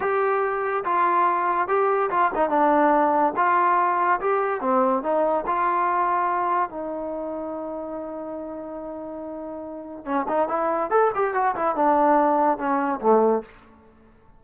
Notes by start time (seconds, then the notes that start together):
0.00 G4
0.84 F4
1.68 G4
2.10 F4
2.34 D#4
2.49 D4
3.36 F4
4.20 G4
4.60 C4
5.02 D#4
5.46 F4
6.69 D#4
10.05 C#4
10.28 D#4
10.48 E4
10.90 A4
11.15 G4
11.34 F#4
11.55 E4
11.75 D4
12.58 C#4
13.00 A3